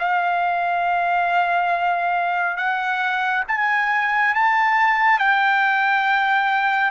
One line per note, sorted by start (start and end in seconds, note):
0.00 2.57 F5
2.57 3.44 F#5
3.48 4.35 G#5
4.35 5.20 A5
5.20 6.92 G5